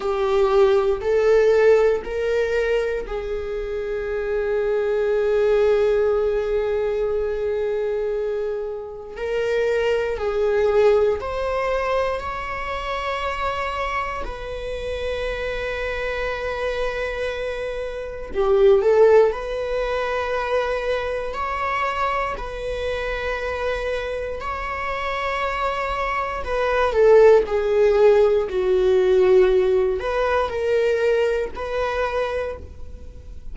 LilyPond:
\new Staff \with { instrumentName = "viola" } { \time 4/4 \tempo 4 = 59 g'4 a'4 ais'4 gis'4~ | gis'1~ | gis'4 ais'4 gis'4 c''4 | cis''2 b'2~ |
b'2 g'8 a'8 b'4~ | b'4 cis''4 b'2 | cis''2 b'8 a'8 gis'4 | fis'4. b'8 ais'4 b'4 | }